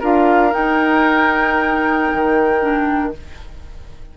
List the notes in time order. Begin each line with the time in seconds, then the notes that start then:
0.00 D4 F4 A#4 F5
0.50 D#4 G5
2.13 D#3
2.60 D4